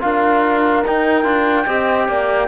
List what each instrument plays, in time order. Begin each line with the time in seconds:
0.00 cello D4, trombone F4, horn A#4, flute F5
0.86 trombone D#4, cello D#4, flute G5
1.24 cello D4, trombone F4
1.66 cello C4, trombone G4, horn D#5
2.08 cello A#3, horn D5